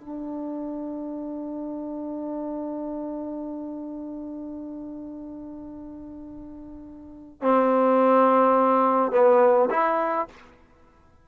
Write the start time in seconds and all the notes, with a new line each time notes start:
0.00 D4
7.42 C4
9.12 B3
9.70 E4